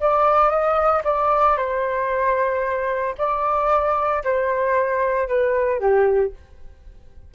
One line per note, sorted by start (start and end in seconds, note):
0.00 0.50 D5
0.50 1.02 D#5
1.04 1.57 D5
1.57 3.15 C5
3.18 4.23 D5
4.24 5.28 C5
5.28 5.79 B4
5.79 6.32 G4